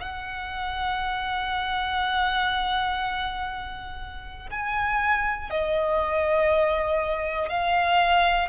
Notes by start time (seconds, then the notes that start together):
0.00 F#5
4.50 G#5
5.50 D#5
7.50 F5